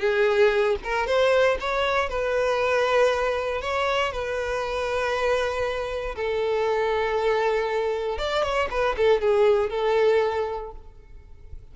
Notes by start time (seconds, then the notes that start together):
0.00 G#4
0.84 A#4
1.07 C5
1.60 C#5
2.10 B4
3.62 C#5
4.13 B4
6.16 A4
8.18 D5
8.43 C#5
8.71 B4
8.97 A4
9.21 G#4
9.70 A4